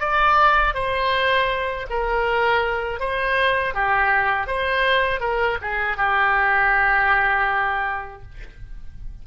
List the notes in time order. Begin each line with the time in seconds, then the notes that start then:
0.00 D5
0.74 C5
1.90 A#4
3.00 C5
3.74 G4
4.47 C5
5.21 A#4
5.61 G#4
5.97 G4